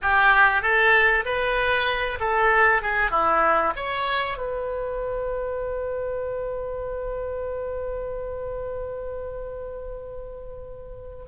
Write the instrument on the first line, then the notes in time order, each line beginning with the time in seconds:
oboe
0.02 G4
0.62 A4
1.25 B4
2.20 A4
2.82 G#4
3.11 E4
3.76 C#5
4.37 B4